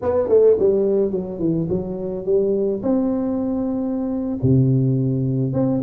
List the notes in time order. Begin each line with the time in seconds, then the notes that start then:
0.02 B3
0.28 A3
0.59 G3
1.11 F#3
1.39 E3
1.69 F#3
2.25 G3
2.83 C4
4.42 C3
5.53 C4